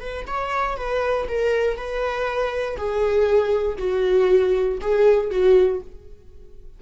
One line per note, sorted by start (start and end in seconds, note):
0.00 0.25 B4
0.27 0.77 C#5
0.77 1.27 B4
1.28 1.77 A#4
1.77 2.77 B4
2.77 3.77 G#4
3.78 4.79 F#4
4.81 5.30 G#4
5.30 5.81 F#4